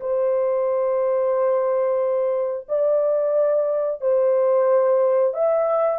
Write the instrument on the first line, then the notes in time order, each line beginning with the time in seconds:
horn
0.00 C5
2.69 D5
4.01 C5
5.34 E5